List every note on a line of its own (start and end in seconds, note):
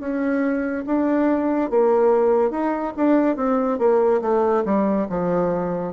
0.00 0.85 C#4
0.87 1.71 D4
1.71 2.51 A#3
2.51 2.93 D#4
2.97 3.37 D4
3.37 3.79 C4
3.79 4.21 A#3
4.22 4.64 A3
4.65 5.07 G3
5.10 5.93 F3